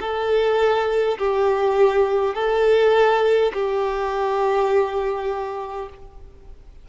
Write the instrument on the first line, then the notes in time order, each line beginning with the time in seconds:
violin
0.00 A4
1.18 G4
2.35 A4
3.53 G4